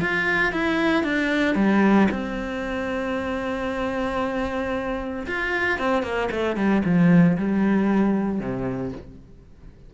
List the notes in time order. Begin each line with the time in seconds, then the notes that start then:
0.00 F4
0.52 E4
1.03 D4
1.55 G3
2.10 C4
5.27 F4
5.78 C4
6.02 A#3
6.31 A3
6.56 G3
6.84 F3
7.37 G3
8.39 C3